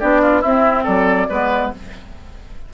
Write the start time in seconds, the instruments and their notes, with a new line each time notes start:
0.00 bassoon B3, clarinet D4, oboe G4, flute D5
0.22 oboe F4
0.41 bassoon C4, clarinet C4, oboe E4, flute E5
0.84 bassoon F#3, oboe A4, flute D5
1.30 bassoon G#3, clarinet B3, oboe B4